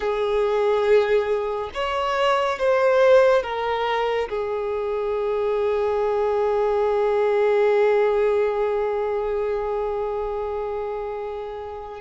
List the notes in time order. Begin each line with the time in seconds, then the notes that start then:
0.00 G#4
1.74 C#5
2.58 C5
3.42 A#4
4.29 G#4